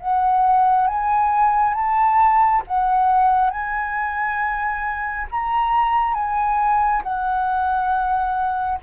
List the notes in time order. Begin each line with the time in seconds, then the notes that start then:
0.00 F#5
0.87 G#5
1.74 A5
2.67 F#5
3.51 G#5
5.31 A#5
6.14 G#5
7.03 F#5